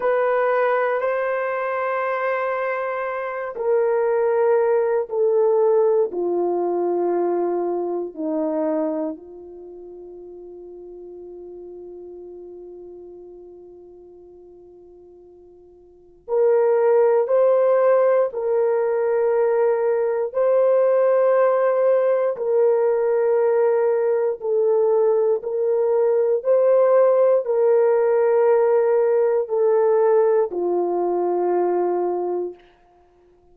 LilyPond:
\new Staff \with { instrumentName = "horn" } { \time 4/4 \tempo 4 = 59 b'4 c''2~ c''8 ais'8~ | ais'4 a'4 f'2 | dis'4 f'2.~ | f'1 |
ais'4 c''4 ais'2 | c''2 ais'2 | a'4 ais'4 c''4 ais'4~ | ais'4 a'4 f'2 | }